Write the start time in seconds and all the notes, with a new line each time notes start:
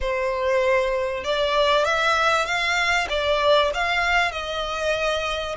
0.01 C5
1.23 D5
1.84 E5
2.45 F5
3.09 D5
3.74 F5
4.31 D#5